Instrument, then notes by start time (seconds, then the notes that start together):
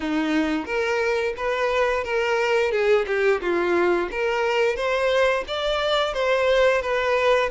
violin
0.00 D#4
0.65 A#4
1.36 B4
2.03 A#4
2.71 G#4
3.07 G4
3.41 F4
4.11 A#4
4.75 C5
5.47 D5
6.13 C5
6.81 B4